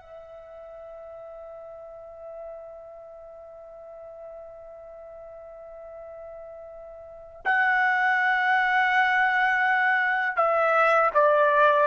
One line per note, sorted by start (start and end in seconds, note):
0.00 7.41 E5
7.45 10.36 F#5
10.36 11.10 E5
11.14 11.87 D5